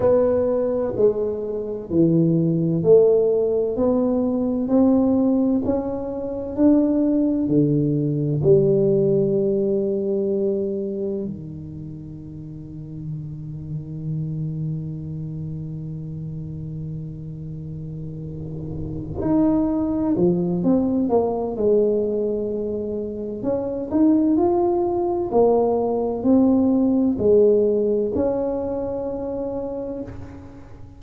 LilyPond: \new Staff \with { instrumentName = "tuba" } { \time 4/4 \tempo 4 = 64 b4 gis4 e4 a4 | b4 c'4 cis'4 d'4 | d4 g2. | dis1~ |
dis1~ | dis8 dis'4 f8 c'8 ais8 gis4~ | gis4 cis'8 dis'8 f'4 ais4 | c'4 gis4 cis'2 | }